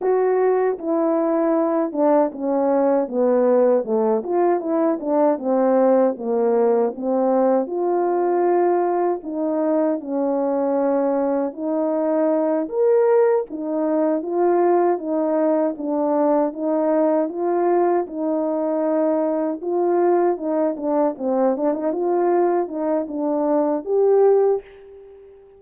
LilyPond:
\new Staff \with { instrumentName = "horn" } { \time 4/4 \tempo 4 = 78 fis'4 e'4. d'8 cis'4 | b4 a8 f'8 e'8 d'8 c'4 | ais4 c'4 f'2 | dis'4 cis'2 dis'4~ |
dis'8 ais'4 dis'4 f'4 dis'8~ | dis'8 d'4 dis'4 f'4 dis'8~ | dis'4. f'4 dis'8 d'8 c'8 | d'16 dis'16 f'4 dis'8 d'4 g'4 | }